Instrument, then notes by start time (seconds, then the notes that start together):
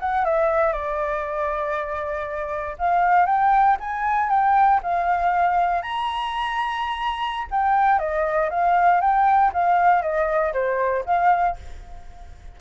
flute
0.00 F#5
0.25 E5
0.73 D5
2.79 F5
3.26 G5
3.80 G#5
4.30 G5
4.83 F5
5.82 A#5
7.51 G5
7.99 D#5
8.50 F5
9.01 G5
9.53 F5
10.02 D#5
10.53 C5
11.06 F5